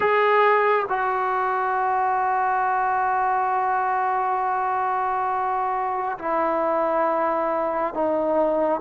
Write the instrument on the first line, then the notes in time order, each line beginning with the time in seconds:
trombone
0.00 G#4
0.88 F#4
6.18 E4
7.94 D#4